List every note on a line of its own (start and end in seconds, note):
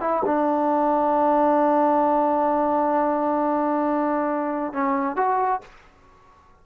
0.00 0.22 E4
0.25 4.73 D4
4.73 5.16 C#4
5.16 5.61 F#4